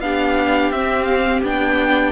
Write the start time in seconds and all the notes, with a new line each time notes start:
0.00 B3 D4 G4 F5
0.71 C4 E5
1.04 F5
1.43 B3 D4 G5